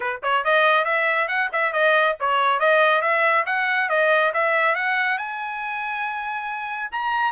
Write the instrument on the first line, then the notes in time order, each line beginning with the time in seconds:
trumpet
0.00 B4
0.22 C#5
0.44 D#5
0.84 E5
1.28 F#5
1.52 E5
1.72 D#5
2.20 C#5
2.59 D#5
3.01 E5
3.46 F#5
3.89 D#5
4.33 E5
4.75 F#5
5.17 G#5
6.91 A#5